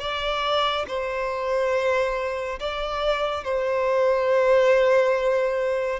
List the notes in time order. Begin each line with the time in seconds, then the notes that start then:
0.00 D5
0.88 C5
2.60 D5
3.44 C5